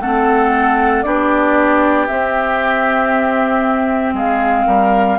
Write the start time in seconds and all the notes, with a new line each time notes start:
0.00 A3 C4 A4 F#5
1.02 B3 D4 G4 D5
2.06 C4 E5
4.13 G#3 G#4 F5
4.66 G3 A#4